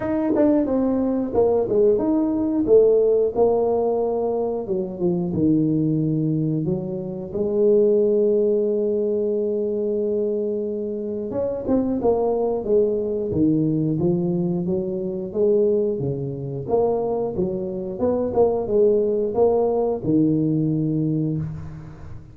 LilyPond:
\new Staff \with { instrumentName = "tuba" } { \time 4/4 \tempo 4 = 90 dis'8 d'8 c'4 ais8 gis8 dis'4 | a4 ais2 fis8 f8 | dis2 fis4 gis4~ | gis1~ |
gis4 cis'8 c'8 ais4 gis4 | dis4 f4 fis4 gis4 | cis4 ais4 fis4 b8 ais8 | gis4 ais4 dis2 | }